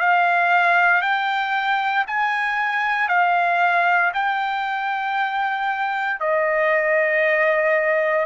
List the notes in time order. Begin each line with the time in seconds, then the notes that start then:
0.00 F5
1.02 G5
2.08 G#5
3.09 F5
4.14 G5
6.21 D#5